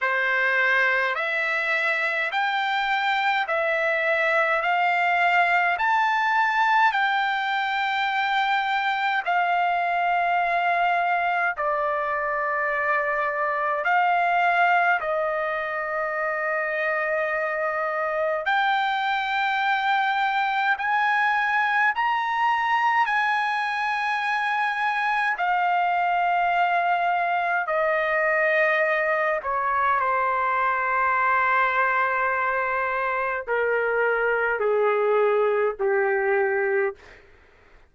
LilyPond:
\new Staff \with { instrumentName = "trumpet" } { \time 4/4 \tempo 4 = 52 c''4 e''4 g''4 e''4 | f''4 a''4 g''2 | f''2 d''2 | f''4 dis''2. |
g''2 gis''4 ais''4 | gis''2 f''2 | dis''4. cis''8 c''2~ | c''4 ais'4 gis'4 g'4 | }